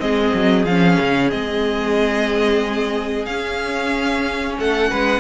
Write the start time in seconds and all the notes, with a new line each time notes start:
0.00 G#3 C4 G#4 D#5
0.34 F#3
0.65 F3 C#4 F5
1.00 C#3
1.31 G#3 C4 D#5
3.26 C#4 F5
4.59 A3 A4 F#5
4.91 G#3 B4